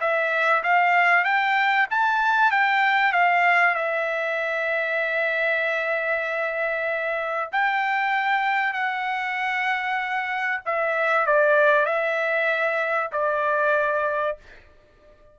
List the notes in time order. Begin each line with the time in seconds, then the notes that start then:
0.00 E5
0.63 F5
1.24 G5
1.90 A5
2.51 G5
3.12 F5
3.74 E5
7.51 G5
8.73 F#5
10.65 E5
11.26 D5
11.85 E5
13.12 D5